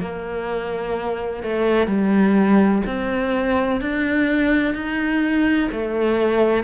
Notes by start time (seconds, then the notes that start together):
0.00 A#3
1.43 A3
1.87 G3
2.86 C4
3.81 D4
4.74 D#4
5.71 A3